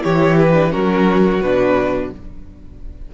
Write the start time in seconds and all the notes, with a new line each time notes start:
0.00 E3 E4 G4 C#5
0.39 B4
0.53 D4
0.70 F#3 C#4 F#4 A#4
1.41 B2 D4 B4